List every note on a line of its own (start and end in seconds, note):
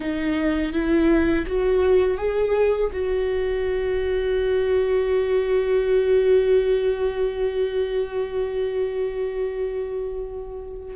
0.00 0.72 D#4
0.72 1.45 E4
1.46 2.17 F#4
2.17 2.90 G#4
2.92 10.95 F#4